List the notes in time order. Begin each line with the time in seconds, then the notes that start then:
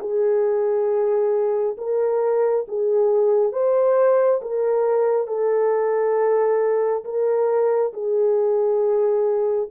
0.00 G#4
1.78 A#4
2.68 G#4
3.52 C5
4.41 A#4
5.27 A4
7.04 A#4
7.93 G#4